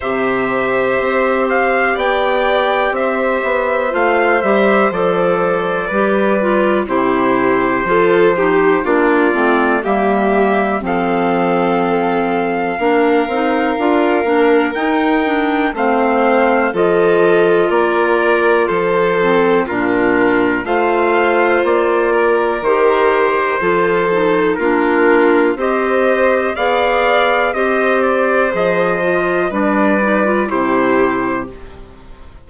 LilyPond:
<<
  \new Staff \with { instrumentName = "trumpet" } { \time 4/4 \tempo 4 = 61 e''4. f''8 g''4 e''4 | f''8 e''8 d''2 c''4~ | c''4 d''4 e''4 f''4~ | f''2. g''4 |
f''4 dis''4 d''4 c''4 | ais'4 f''4 d''4 c''4~ | c''4 ais'4 dis''4 f''4 | dis''8 d''8 dis''4 d''4 c''4 | }
  \new Staff \with { instrumentName = "violin" } { \time 4/4 c''2 d''4 c''4~ | c''2 b'4 g'4 | a'8 g'8 f'4 g'4 a'4~ | a'4 ais'2. |
c''4 a'4 ais'4 a'4 | f'4 c''4. ais'4. | a'4 f'4 c''4 d''4 | c''2 b'4 g'4 | }
  \new Staff \with { instrumentName = "clarinet" } { \time 4/4 g'1 | f'8 g'8 a'4 g'8 f'8 e'4 | f'8 dis'8 d'8 c'8 ais4 c'4~ | c'4 d'8 dis'8 f'8 d'8 dis'8 d'8 |
c'4 f'2~ f'8 c'8 | d'4 f'2 g'4 | f'8 dis'8 d'4 g'4 gis'4 | g'4 gis'8 f'8 d'8 dis'16 f'16 e'4 | }
  \new Staff \with { instrumentName = "bassoon" } { \time 4/4 c4 c'4 b4 c'8 b8 | a8 g8 f4 g4 c4 | f4 ais8 a8 g4 f4~ | f4 ais8 c'8 d'8 ais8 dis'4 |
a4 f4 ais4 f4 | ais,4 a4 ais4 dis4 | f4 ais4 c'4 b4 | c'4 f4 g4 c4 | }
>>